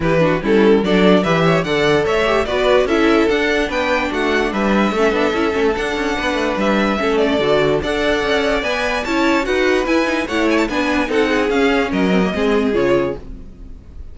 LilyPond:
<<
  \new Staff \with { instrumentName = "violin" } { \time 4/4 \tempo 4 = 146 b'4 a'4 d''4 e''4 | fis''4 e''4 d''4 e''4 | fis''4 g''4 fis''4 e''4~ | e''2 fis''2 |
e''4. d''4. fis''4~ | fis''4 gis''4 a''4 fis''4 | gis''4 fis''8 gis''16 a''16 gis''4 fis''4 | f''4 dis''2 cis''4 | }
  \new Staff \with { instrumentName = "violin" } { \time 4/4 g'8 fis'8 e'4 a'4 b'8 cis''8 | d''4 cis''4 b'4 a'4~ | a'4 b'4 fis'4 b'4 | a'2. b'4~ |
b'4 a'2 d''4~ | d''2 cis''4 b'4~ | b'4 cis''4 b'4 a'8 gis'8~ | gis'4 ais'4 gis'2 | }
  \new Staff \with { instrumentName = "viola" } { \time 4/4 e'8 d'8 cis'4 d'4 g'4 | a'4. g'8 fis'4 e'4 | d'1 | cis'8 d'8 e'8 cis'8 d'2~ |
d'4 cis'4 fis'4 a'4~ | a'4 b'4 e'4 fis'4 | e'8 dis'8 e'4 d'4 dis'4 | cis'4. c'16 ais16 c'4 f'4 | }
  \new Staff \with { instrumentName = "cello" } { \time 4/4 e4 g4 fis4 e4 | d4 a4 b4 cis'4 | d'4 b4 a4 g4 | a8 b8 cis'8 a8 d'8 cis'8 b8 a8 |
g4 a4 d4 d'4 | cis'4 b4 cis'4 dis'4 | e'4 a4 b4 c'4 | cis'4 fis4 gis4 cis4 | }
>>